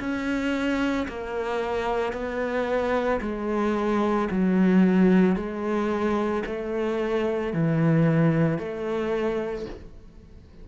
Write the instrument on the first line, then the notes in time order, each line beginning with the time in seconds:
cello
0.00 C#4
1.08 A#3
2.13 B3
3.21 G#3
4.31 F#3
5.37 G#3
6.46 A3
7.54 E3
8.59 A3